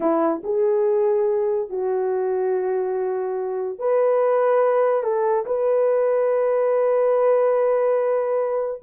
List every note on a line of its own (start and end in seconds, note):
0.00 0.42 E4
0.43 1.69 G#4
1.69 3.78 F#4
3.78 5.03 B4
5.03 5.45 A4
5.45 8.81 B4